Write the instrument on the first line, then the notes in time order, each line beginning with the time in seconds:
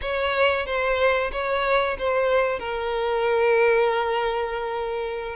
violin
0.01 C#5
0.66 C5
1.32 C#5
1.98 C5
2.59 A#4